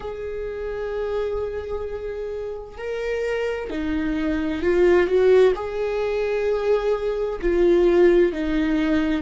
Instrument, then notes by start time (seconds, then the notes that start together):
viola
0.00 G#4
2.77 A#4
3.70 D#4
4.62 F4
5.06 F#4
5.55 G#4
7.41 F4
8.32 D#4